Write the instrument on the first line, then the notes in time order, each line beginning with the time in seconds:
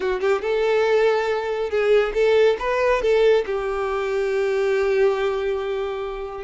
violin
0.00 F#4
0.20 G4
0.41 A4
1.70 G#4
2.14 A4
2.59 B4
3.01 A4
3.46 G4